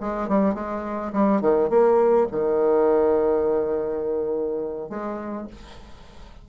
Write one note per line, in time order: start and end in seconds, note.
0.00 0.28 G#3
0.28 0.54 G3
0.54 1.12 G#3
1.12 1.41 G3
1.41 1.69 D#3
1.69 2.27 A#3
2.31 4.89 D#3
4.89 5.47 G#3